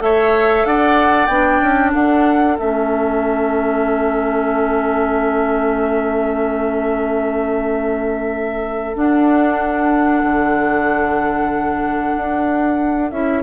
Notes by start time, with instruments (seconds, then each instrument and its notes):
0.00 bassoon A3, clarinet A4, oboe C#5, flute E5
0.65 bassoon D4, oboe D5, flute F#5
1.27 bassoon B3, clarinet D4, flute G5
1.62 bassoon C#4
1.94 bassoon D4, oboe A4, flute F#5
2.59 bassoon A3, clarinet C#4, flute E5
8.95 clarinet D4, bassoon D4, flute F#5
10.23 bassoon D3
12.16 bassoon D4
13.11 bassoon C#4, clarinet E4, flute E5